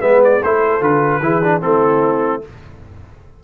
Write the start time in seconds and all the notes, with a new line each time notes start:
0.00 G#3 B3 B4 E5
0.24 D5
0.43 A3 E4 A4 C5
0.81 D3 F4 B4
1.21 E3 E4 G#4
1.44 D4
1.61 A3 C4 E4 A4